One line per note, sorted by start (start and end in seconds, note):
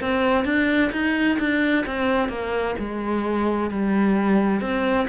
0.00 0.44 C4
0.44 0.91 D4
0.92 1.38 D#4
1.39 1.85 D4
1.86 2.29 C4
2.29 2.75 A#3
2.79 3.70 G#3
3.70 4.61 G3
4.61 5.07 C4